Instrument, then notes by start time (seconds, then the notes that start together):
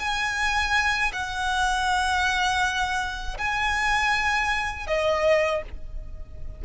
violin
0.00 G#5
1.13 F#5
3.38 G#5
4.88 D#5